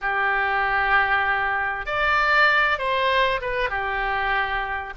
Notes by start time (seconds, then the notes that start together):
0.01 G4
1.86 D5
2.78 C5
3.41 B4
3.69 G4